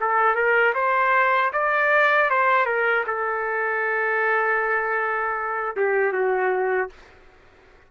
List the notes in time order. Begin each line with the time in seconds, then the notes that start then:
0.00 A4
0.35 A#4
0.74 C5
1.52 D5
2.30 C5
2.65 A#4
3.06 A4
5.76 G4
6.13 F#4